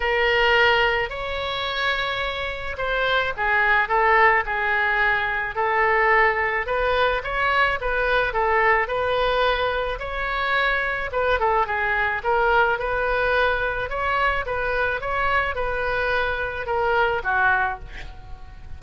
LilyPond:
\new Staff \with { instrumentName = "oboe" } { \time 4/4 \tempo 4 = 108 ais'2 cis''2~ | cis''4 c''4 gis'4 a'4 | gis'2 a'2 | b'4 cis''4 b'4 a'4 |
b'2 cis''2 | b'8 a'8 gis'4 ais'4 b'4~ | b'4 cis''4 b'4 cis''4 | b'2 ais'4 fis'4 | }